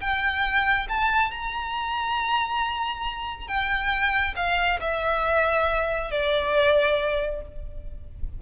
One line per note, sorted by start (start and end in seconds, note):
0.00 0.87 G5
0.89 1.31 A5
1.31 3.47 A#5
3.47 4.34 G5
4.36 4.79 F5
4.80 6.11 E5
6.11 7.41 D5